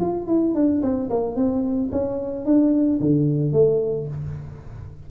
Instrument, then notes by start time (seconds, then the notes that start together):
tuba
0.00 F4
0.27 E4
0.54 D4
0.82 C4
1.09 A#3
1.35 C4
1.92 C#4
2.45 D4
3.00 D3
3.53 A3